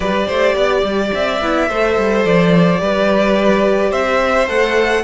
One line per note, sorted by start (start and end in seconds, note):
0.00 0.27 G3
0.00 1.38 G4
0.00 0.27 B4
0.00 1.11 D5
0.27 0.54 A3
0.27 0.55 C5
0.54 0.82 B3
0.54 1.68 D5
0.83 1.11 G3
1.14 1.41 C4
1.14 2.25 E5
1.41 1.68 B3
1.41 1.69 E4
1.68 1.96 A3
1.68 2.78 A4
1.68 2.80 C5
1.97 2.24 G3
2.24 2.80 F3
2.24 3.92 D5
2.78 3.92 G3
2.78 4.46 G4
2.78 3.90 B4
3.90 4.47 C4
3.90 5.02 C5
3.90 4.48 E5
4.47 5.03 A3
4.47 5.03 A4
4.47 5.03 F#5